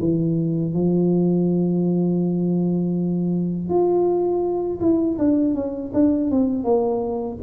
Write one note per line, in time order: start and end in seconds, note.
0.00 0.74 E3
0.74 3.69 F3
3.69 4.80 F4
4.81 5.18 E4
5.19 5.55 D4
5.55 5.92 C#4
5.94 6.31 D4
6.31 6.64 C4
6.64 7.38 A#3